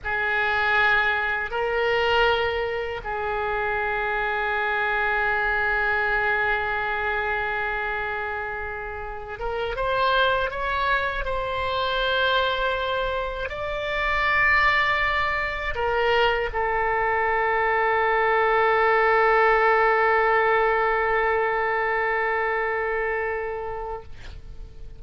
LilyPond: \new Staff \with { instrumentName = "oboe" } { \time 4/4 \tempo 4 = 80 gis'2 ais'2 | gis'1~ | gis'1~ | gis'8 ais'8 c''4 cis''4 c''4~ |
c''2 d''2~ | d''4 ais'4 a'2~ | a'1~ | a'1 | }